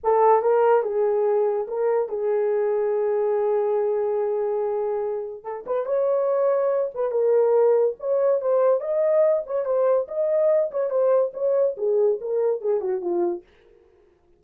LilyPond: \new Staff \with { instrumentName = "horn" } { \time 4/4 \tempo 4 = 143 a'4 ais'4 gis'2 | ais'4 gis'2.~ | gis'1~ | gis'4 a'8 b'8 cis''2~ |
cis''8 b'8 ais'2 cis''4 | c''4 dis''4. cis''8 c''4 | dis''4. cis''8 c''4 cis''4 | gis'4 ais'4 gis'8 fis'8 f'4 | }